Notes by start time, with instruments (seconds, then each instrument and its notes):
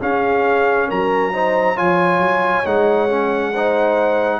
0.00 trombone C#4, tuba C#4, horn G#4, trumpet F5
0.88 tuba F#3, horn A#4, trumpet A#5
1.33 trombone D#4, horn C5
1.75 tuba F3, trombone F4, horn C#5, trumpet G#5
2.19 tuba F#3
2.64 tuba G#3, trombone D#4, trumpet F#5
3.09 trombone C#4
3.54 trombone D#4, horn C5